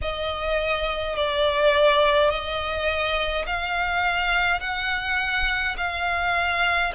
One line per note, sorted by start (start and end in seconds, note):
0.01 1.15 D#5
1.15 2.30 D5
2.30 3.45 D#5
3.46 4.60 F5
4.60 5.75 F#5
5.77 6.92 F5